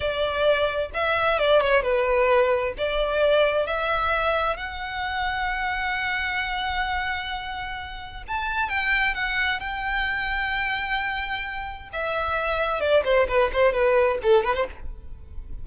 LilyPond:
\new Staff \with { instrumentName = "violin" } { \time 4/4 \tempo 4 = 131 d''2 e''4 d''8 cis''8 | b'2 d''2 | e''2 fis''2~ | fis''1~ |
fis''2 a''4 g''4 | fis''4 g''2.~ | g''2 e''2 | d''8 c''8 b'8 c''8 b'4 a'8 b'16 c''16 | }